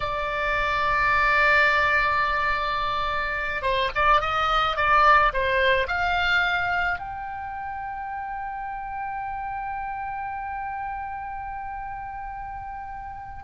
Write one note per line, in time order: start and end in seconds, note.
0.00 3.62 D5
3.62 3.90 C5
3.95 4.21 D5
4.21 4.76 D#5
4.76 5.32 D5
5.33 5.87 C5
5.87 6.98 F5
6.98 13.43 G5